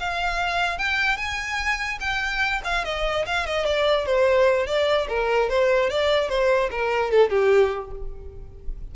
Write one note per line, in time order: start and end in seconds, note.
0.00 0.79 F5
0.79 1.18 G5
1.18 1.99 G#5
2.01 2.62 G5
2.65 2.85 F5
2.85 3.26 D#5
3.27 3.47 F5
3.47 3.66 D#5
3.66 4.06 D5
4.06 4.67 C5
4.67 5.08 D5
5.09 5.50 A#4
5.50 5.91 C5
5.91 6.29 D5
6.29 6.70 C5
6.71 7.12 A#4
7.12 7.30 A4
7.30 7.92 G4